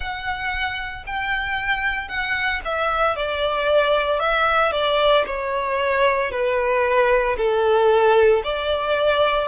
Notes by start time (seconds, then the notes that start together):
0.00 F#5
1.06 G5
2.08 F#5
2.64 E5
3.16 D5
4.19 E5
4.72 D5
5.26 C#5
6.31 B4
7.37 A4
8.44 D5